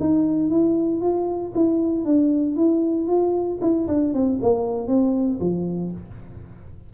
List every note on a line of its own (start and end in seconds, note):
0.00 0.50 D#4
0.50 1.01 E4
1.01 1.53 F4
1.55 2.05 E4
2.05 2.56 D4
2.56 3.08 E4
3.08 3.59 F4
3.61 3.87 E4
3.88 4.14 D4
4.14 4.39 C4
4.42 4.88 A#3
4.88 5.39 C4
5.40 5.92 F3